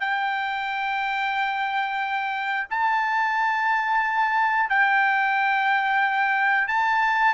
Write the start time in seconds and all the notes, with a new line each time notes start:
0.00 G5
2.70 A5
4.69 G5
6.67 A5